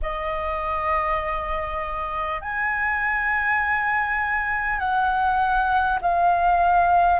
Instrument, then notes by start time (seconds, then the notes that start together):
flute
0.02 D#5
2.41 G#5
4.79 F#5
6.01 F5